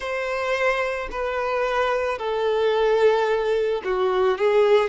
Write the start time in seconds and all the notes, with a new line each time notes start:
0.00 C5
1.11 B4
2.18 A4
3.84 F#4
4.37 G#4